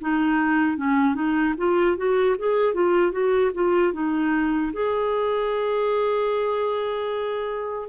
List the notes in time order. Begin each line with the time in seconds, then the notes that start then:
0.00 D#4
0.77 C#4
1.14 D#4
1.57 F4
1.97 F#4
2.38 G#4
2.73 F4
3.11 F#4
3.54 F4
3.93 D#4
4.73 G#4